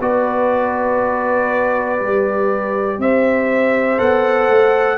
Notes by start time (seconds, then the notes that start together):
0.00 B3 F#4 B4 D5
1.98 G3 G4
2.98 C4 C5 E5
3.98 B3 A4 F#5
4.48 A3